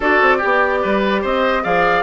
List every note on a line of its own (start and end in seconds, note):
0.00 0.20 D4
0.00 0.40 F#4
0.00 0.37 A4
0.00 1.24 D5
0.21 0.41 C4
0.37 0.78 G4
0.37 1.63 G4
0.44 0.84 B3
0.82 1.24 G3
0.82 1.21 B4
1.21 1.64 C4
1.21 1.62 C5
1.21 1.64 D#5
1.63 2.02 F3
1.63 2.02 G#4
1.63 2.02 D5
1.63 2.02 F5